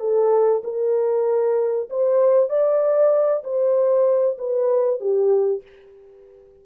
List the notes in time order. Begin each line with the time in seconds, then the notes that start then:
0.00 A4
0.64 A#4
1.90 C5
2.49 D5
3.44 C5
4.39 B4
5.01 G4